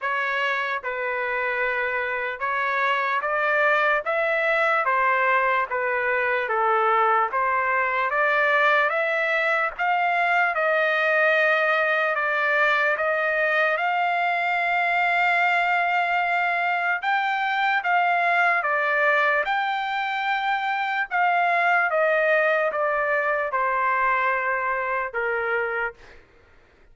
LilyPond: \new Staff \with { instrumentName = "trumpet" } { \time 4/4 \tempo 4 = 74 cis''4 b'2 cis''4 | d''4 e''4 c''4 b'4 | a'4 c''4 d''4 e''4 | f''4 dis''2 d''4 |
dis''4 f''2.~ | f''4 g''4 f''4 d''4 | g''2 f''4 dis''4 | d''4 c''2 ais'4 | }